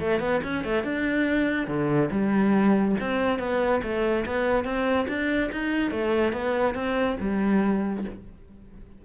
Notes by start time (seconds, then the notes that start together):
0.00 A3
0.20 B3
0.44 C#4
0.64 A3
0.84 D4
1.68 D3
2.11 G3
3.00 C4
3.39 B3
3.83 A3
4.26 B3
4.65 C4
5.08 D4
5.52 D#4
5.91 A3
6.33 B3
6.75 C4
7.20 G3